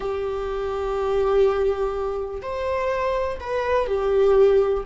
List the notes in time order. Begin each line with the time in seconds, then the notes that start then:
0.00 G4
2.41 C5
3.40 B4
3.87 G4